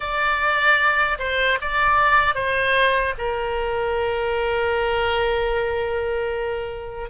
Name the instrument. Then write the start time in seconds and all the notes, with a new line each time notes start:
oboe
0.00 D5
1.18 C5
1.61 D5
2.35 C5
3.18 A#4